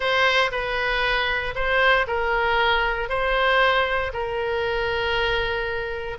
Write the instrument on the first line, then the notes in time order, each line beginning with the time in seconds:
oboe
0.00 C5
0.51 B4
1.55 C5
2.07 A#4
3.09 C5
4.13 A#4